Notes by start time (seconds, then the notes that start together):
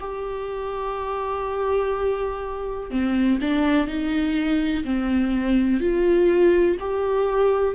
0.00 G4
2.90 C4
3.40 D4
3.87 D#4
4.84 C4
5.80 F4
6.80 G4